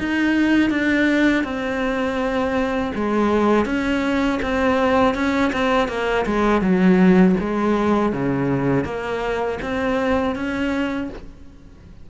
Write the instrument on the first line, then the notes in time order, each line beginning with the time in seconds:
cello
0.00 D#4
0.71 D4
1.44 C4
2.95 G#3
3.66 C#4
4.43 C4
5.15 C#4
5.53 C4
5.89 A#3
6.26 G#3
6.62 F#3
7.41 G#3
8.13 C#3
8.85 A#3
9.62 C4
10.36 C#4